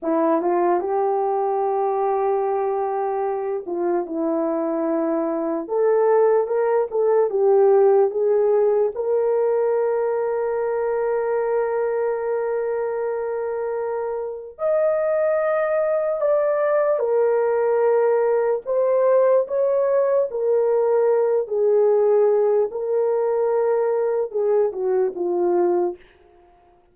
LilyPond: \new Staff \with { instrumentName = "horn" } { \time 4/4 \tempo 4 = 74 e'8 f'8 g'2.~ | g'8 f'8 e'2 a'4 | ais'8 a'8 g'4 gis'4 ais'4~ | ais'1~ |
ais'2 dis''2 | d''4 ais'2 c''4 | cis''4 ais'4. gis'4. | ais'2 gis'8 fis'8 f'4 | }